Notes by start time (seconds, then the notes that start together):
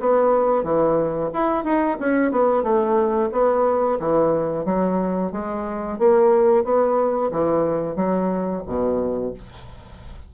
0.00 B3
0.63 E3
1.34 E4
1.64 D#4
1.99 C#4
2.32 B3
2.63 A3
3.32 B3
3.99 E3
4.65 F#3
5.32 G#3
5.99 A#3
6.64 B3
7.32 E3
7.96 F#3
8.67 B2